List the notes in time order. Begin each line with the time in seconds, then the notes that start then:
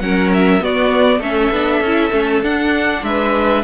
0.00 F#3 C#4 A#4 F#5
0.34 E5
0.61 B3 F#4 D5
1.19 A3 C#4 A4 E5
1.51 B3 D4
1.81 C#4 E4
2.12 A3 C#4
2.43 D4 F#5
3.03 G#3 B4 E5